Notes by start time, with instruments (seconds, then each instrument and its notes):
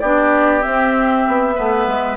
0.00 bassoon B3, clarinet D4, oboe G4, flute D5
0.62 clarinet C4, bassoon C4, flute E5
1.28 bassoon B3
1.55 bassoon A3, clarinet B3, oboe B4
1.87 bassoon G#3